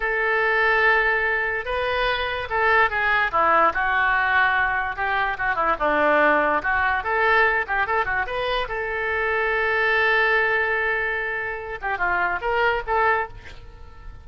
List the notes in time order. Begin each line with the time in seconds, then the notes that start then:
0.00 A4
1.65 B4
2.49 A4
2.90 G#4
3.31 E4
3.73 F#4
4.95 G4
5.37 F#4
5.55 E4
5.79 D4
6.62 F#4
7.03 A4
7.67 G4
7.86 A4
8.05 F#4
8.26 B4
8.68 A4
11.81 G4
11.97 F4
12.41 A#4
12.86 A4